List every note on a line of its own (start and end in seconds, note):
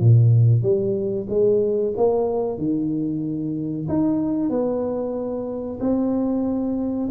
0.00 0.62 A#2
0.62 1.27 G3
1.29 1.94 G#3
1.97 2.58 A#3
2.58 3.87 D#3
3.88 4.50 D#4
4.50 5.79 B3
5.80 7.09 C4